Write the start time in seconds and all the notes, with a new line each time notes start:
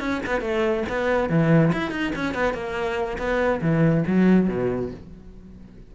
0.00 C#4
0.26 B3
0.41 A3
0.89 B3
1.30 E3
1.73 E4
1.91 D#4
2.16 C#4
2.35 B3
2.54 A#3
3.18 B3
3.62 E3
4.07 F#3
4.49 B2